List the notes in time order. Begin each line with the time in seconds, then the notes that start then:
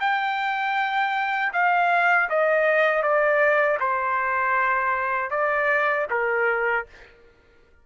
0.00 G5
1.53 F5
2.29 D#5
3.02 D5
3.80 C5
5.31 D5
6.10 A#4